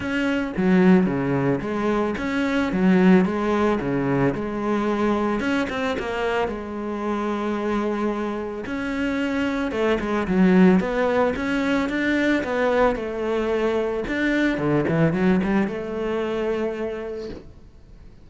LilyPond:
\new Staff \with { instrumentName = "cello" } { \time 4/4 \tempo 4 = 111 cis'4 fis4 cis4 gis4 | cis'4 fis4 gis4 cis4 | gis2 cis'8 c'8 ais4 | gis1 |
cis'2 a8 gis8 fis4 | b4 cis'4 d'4 b4 | a2 d'4 d8 e8 | fis8 g8 a2. | }